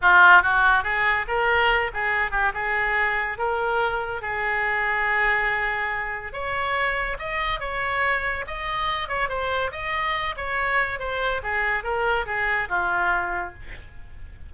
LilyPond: \new Staff \with { instrumentName = "oboe" } { \time 4/4 \tempo 4 = 142 f'4 fis'4 gis'4 ais'4~ | ais'8 gis'4 g'8 gis'2 | ais'2 gis'2~ | gis'2. cis''4~ |
cis''4 dis''4 cis''2 | dis''4. cis''8 c''4 dis''4~ | dis''8 cis''4. c''4 gis'4 | ais'4 gis'4 f'2 | }